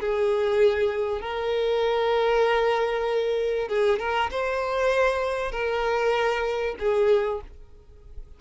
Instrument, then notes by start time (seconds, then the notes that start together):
violin
0.00 G#4
1.21 A#4
3.69 G#4
3.99 A#4
4.31 C5
5.52 A#4
6.79 G#4